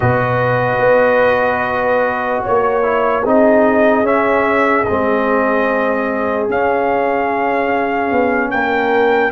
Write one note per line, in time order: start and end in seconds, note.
0.00 0.78 B2
0.00 2.82 F#4
0.00 2.42 B4
0.00 2.43 D#5
0.78 2.40 B3
2.42 3.25 A#3
2.42 3.22 C#5
2.42 3.26 C#5
2.82 3.23 E4
3.22 4.02 C4
3.22 4.04 D#4
3.22 8.49 G#4
3.22 4.06 D#5
4.02 4.83 C#4
4.02 4.85 C#4
4.02 4.84 E5
4.84 6.48 C4
4.84 6.46 D#5
4.90 6.49 G#3
6.48 9.32 C#4
6.48 8.11 C#4
6.48 8.51 F5
8.11 8.50 B3
8.50 9.31 A#3
8.50 9.32 A#4
8.50 9.32 G5